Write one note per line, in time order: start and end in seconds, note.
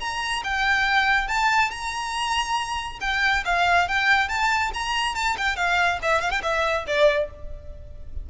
0.00 0.43 A#5
0.44 1.28 G5
1.28 1.71 A5
1.71 2.99 A#5
3.01 3.44 G5
3.46 3.88 F5
3.88 4.29 G5
4.29 4.72 A5
4.74 5.15 A#5
5.15 5.37 A5
5.37 5.57 G5
5.57 5.99 F5
6.02 6.21 E5
6.21 6.31 F5
6.31 6.42 G5
6.43 6.86 E5
6.87 7.30 D5